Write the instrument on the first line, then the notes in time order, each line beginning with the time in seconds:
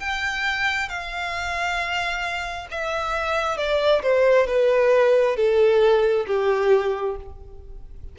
violin
0.00 G5
0.89 F5
2.71 E5
3.58 D5
4.03 C5
4.47 B4
5.37 A4
6.27 G4